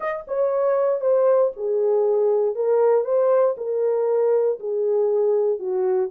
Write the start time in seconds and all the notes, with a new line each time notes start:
0.00 D#5
0.27 C#5
1.01 C5
1.56 G#4
2.55 A#4
3.04 C5
3.57 A#4
4.59 G#4
5.59 F#4